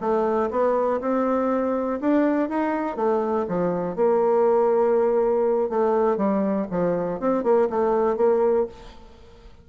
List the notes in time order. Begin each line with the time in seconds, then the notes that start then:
0.00 A3
0.50 B3
1.00 C4
2.00 D4
2.49 D#4
2.96 A3
3.48 F3
3.96 A#3
5.69 A3
6.17 G3
6.70 F3
7.19 C4
7.43 A#3
7.69 A3
8.16 A#3